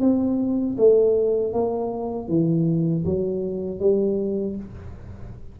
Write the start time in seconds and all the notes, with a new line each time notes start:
0.00 C4
0.77 A3
1.53 A#3
2.28 E3
3.05 F#3
3.79 G3